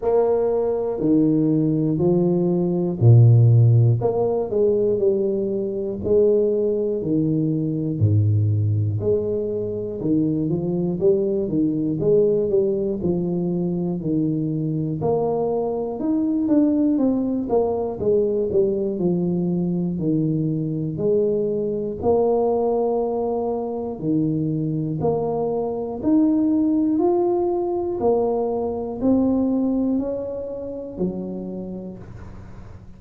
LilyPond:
\new Staff \with { instrumentName = "tuba" } { \time 4/4 \tempo 4 = 60 ais4 dis4 f4 ais,4 | ais8 gis8 g4 gis4 dis4 | gis,4 gis4 dis8 f8 g8 dis8 | gis8 g8 f4 dis4 ais4 |
dis'8 d'8 c'8 ais8 gis8 g8 f4 | dis4 gis4 ais2 | dis4 ais4 dis'4 f'4 | ais4 c'4 cis'4 fis4 | }